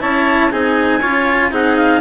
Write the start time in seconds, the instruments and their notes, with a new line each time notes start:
0.00 bassoon C#4, cello E4, trumpet C#5, clarinet A5
0.51 bassoon C4, cello D#4, trumpet G#4, clarinet G#5
1.01 bassoon C#4, cello F4, trumpet C#5
1.51 bassoon C4, cello D#4, trumpet G#4, clarinet F#5
1.76 clarinet F5